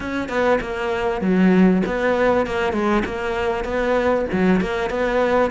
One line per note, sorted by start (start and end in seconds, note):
0.00 0.28 C#4
0.28 0.59 B3
0.60 1.21 A#3
1.21 1.82 F#3
1.86 2.46 B3
2.46 2.72 A#3
2.72 3.03 G#3
3.05 3.64 A#3
3.64 4.26 B3
4.32 4.61 F#3
4.61 4.90 A#3
4.90 5.50 B3